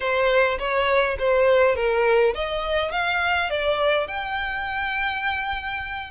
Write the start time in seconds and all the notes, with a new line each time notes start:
0.00 C5
0.58 C#5
1.18 C5
1.75 A#4
2.34 D#5
2.91 F5
3.50 D5
4.07 G5